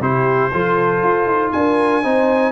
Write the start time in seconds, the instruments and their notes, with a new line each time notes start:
0.00 tuba C3, trombone E4, horn G4, trumpet C5
0.51 tuba F3, trombone F4, horn A4
1.03 tuba F4
1.27 tuba D#4
1.51 tuba D4, horn A#4, trumpet G#5
2.03 tuba C4, trombone D#4, horn C5